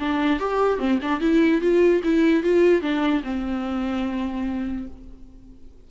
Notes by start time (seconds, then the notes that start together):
0.00 D4
0.40 G4
0.79 C4
1.03 D4
1.21 E4
1.62 F4
2.04 E4
2.44 F4
2.82 D4
3.24 C4